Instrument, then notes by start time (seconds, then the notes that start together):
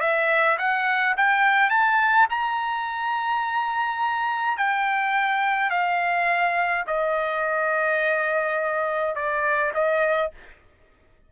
trumpet
0.00 E5
0.58 F#5
1.17 G5
1.70 A5
2.30 A#5
4.57 G5
5.70 F5
6.87 D#5
9.15 D5
9.74 D#5